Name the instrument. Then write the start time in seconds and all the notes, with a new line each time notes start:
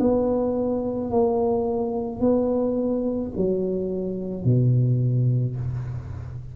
tuba
0.00 B3
1.11 A#3
2.20 B3
3.36 F#3
4.45 B2